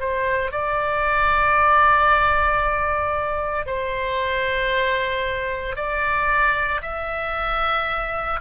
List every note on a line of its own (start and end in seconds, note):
0.00 0.51 C5
0.51 3.67 D5
3.67 5.76 C5
5.76 6.81 D5
6.82 8.40 E5